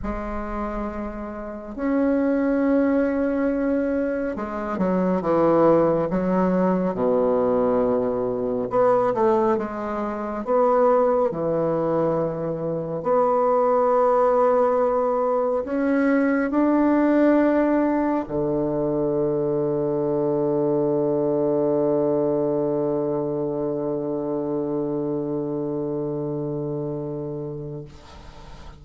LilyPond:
\new Staff \with { instrumentName = "bassoon" } { \time 4/4 \tempo 4 = 69 gis2 cis'2~ | cis'4 gis8 fis8 e4 fis4 | b,2 b8 a8 gis4 | b4 e2 b4~ |
b2 cis'4 d'4~ | d'4 d2.~ | d1~ | d1 | }